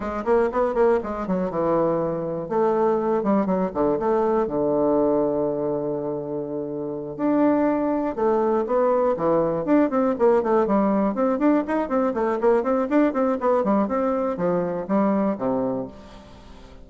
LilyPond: \new Staff \with { instrumentName = "bassoon" } { \time 4/4 \tempo 4 = 121 gis8 ais8 b8 ais8 gis8 fis8 e4~ | e4 a4. g8 fis8 d8 | a4 d2.~ | d2~ d8 d'4.~ |
d'8 a4 b4 e4 d'8 | c'8 ais8 a8 g4 c'8 d'8 dis'8 | c'8 a8 ais8 c'8 d'8 c'8 b8 g8 | c'4 f4 g4 c4 | }